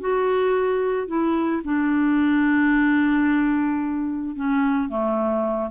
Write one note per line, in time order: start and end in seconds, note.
0.00 1.08 F#4
1.08 1.62 E4
1.64 4.36 D4
4.36 4.89 C#4
4.89 5.71 A3